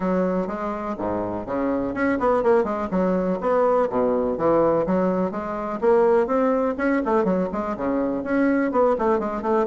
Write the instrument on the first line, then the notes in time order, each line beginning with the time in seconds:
bassoon
0.00 F#3
0.47 G#3
0.98 G#2
1.46 C#3
1.94 C#4
2.19 B3
2.43 A#3
2.64 G#3
2.91 F#3
3.40 B3
3.89 B2
4.37 E3
4.86 F#3
5.31 G#3
5.80 A#3
6.26 C4
6.77 C#4
7.05 A3
7.24 F#3
7.52 G#3
7.76 C#3
8.23 C#4
8.71 B3
8.98 A3
9.19 G#3
9.42 A3